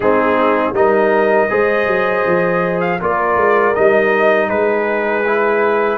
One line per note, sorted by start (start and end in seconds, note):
0.00 0.72 G#3
0.00 0.74 C4
0.00 0.74 D#4
0.00 0.74 G#4
0.73 1.48 G3
0.73 1.49 D#4
0.73 1.50 A#4
0.73 2.80 D#5
1.49 1.87 G#3
1.49 2.99 G#4
1.49 3.00 C5
1.87 2.24 F#3
2.26 3.01 F3
2.80 2.99 F5
3.01 3.36 A#3
3.01 3.74 F4
3.01 4.49 A#4
3.01 3.75 D5
3.36 3.73 G#3
3.74 4.50 G3
3.74 5.24 D#4
3.74 4.49 D#5
4.49 5.97 G#3
4.49 5.97 G#4
4.49 5.97 B4
5.25 5.97 E4